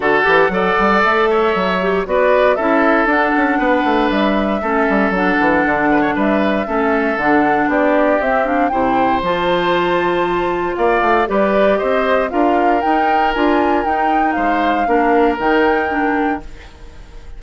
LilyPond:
<<
  \new Staff \with { instrumentName = "flute" } { \time 4/4 \tempo 4 = 117 fis''2 e''2 | d''4 e''4 fis''2 | e''2 fis''2 | e''2 fis''4 d''4 |
e''8 f''8 g''4 a''2~ | a''4 f''4 d''4 dis''4 | f''4 g''4 gis''4 g''4 | f''2 g''2 | }
  \new Staff \with { instrumentName = "oboe" } { \time 4/4 a'4 d''4. cis''4. | b'4 a'2 b'4~ | b'4 a'2~ a'8 b'16 cis''16 | b'4 a'2 g'4~ |
g'4 c''2.~ | c''4 d''4 b'4 c''4 | ais'1 | c''4 ais'2. | }
  \new Staff \with { instrumentName = "clarinet" } { \time 4/4 fis'8 g'8 a'2~ a'8 g'8 | fis'4 e'4 d'2~ | d'4 cis'4 d'2~ | d'4 cis'4 d'2 |
c'8 d'8 e'4 f'2~ | f'2 g'2 | f'4 dis'4 f'4 dis'4~ | dis'4 d'4 dis'4 d'4 | }
  \new Staff \with { instrumentName = "bassoon" } { \time 4/4 d8 e8 fis8 g8 a4 fis4 | b4 cis'4 d'8 cis'8 b8 a8 | g4 a8 g8 fis8 e8 d4 | g4 a4 d4 b4 |
c'4 c4 f2~ | f4 ais8 a8 g4 c'4 | d'4 dis'4 d'4 dis'4 | gis4 ais4 dis2 | }
>>